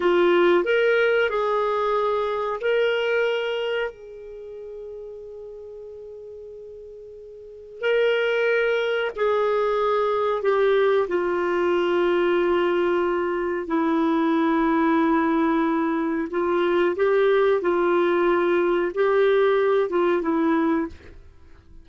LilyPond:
\new Staff \with { instrumentName = "clarinet" } { \time 4/4 \tempo 4 = 92 f'4 ais'4 gis'2 | ais'2 gis'2~ | gis'1 | ais'2 gis'2 |
g'4 f'2.~ | f'4 e'2.~ | e'4 f'4 g'4 f'4~ | f'4 g'4. f'8 e'4 | }